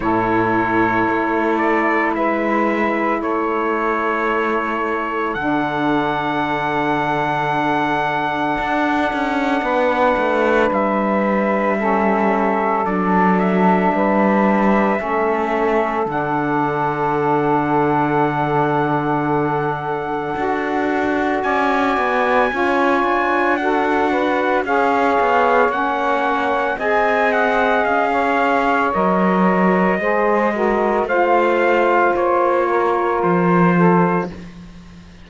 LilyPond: <<
  \new Staff \with { instrumentName = "trumpet" } { \time 4/4 \tempo 4 = 56 cis''4. d''8 e''4 cis''4~ | cis''4 fis''2.~ | fis''2 e''2 | d''8 e''2~ e''8 fis''4~ |
fis''1 | gis''2 fis''4 f''4 | fis''4 gis''8 fis''8 f''4 dis''4~ | dis''4 f''4 cis''4 c''4 | }
  \new Staff \with { instrumentName = "saxophone" } { \time 4/4 a'2 b'4 a'4~ | a'1~ | a'4 b'2 a'4~ | a'4 b'4 a'2~ |
a'1 | d''4 cis''4 a'8 b'8 cis''4~ | cis''4 dis''4~ dis''16 cis''4.~ cis''16 | c''8 ais'8 c''4. ais'4 a'8 | }
  \new Staff \with { instrumentName = "saxophone" } { \time 4/4 e'1~ | e'4 d'2.~ | d'2. cis'4 | d'2 cis'4 d'4~ |
d'2. fis'4~ | fis'4 f'4 fis'4 gis'4 | cis'4 gis'2 ais'4 | gis'8 fis'8 f'2. | }
  \new Staff \with { instrumentName = "cello" } { \time 4/4 a,4 a4 gis4 a4~ | a4 d2. | d'8 cis'8 b8 a8 g2 | fis4 g4 a4 d4~ |
d2. d'4 | cis'8 b8 cis'8 d'4. cis'8 b8 | ais4 c'4 cis'4 fis4 | gis4 a4 ais4 f4 | }
>>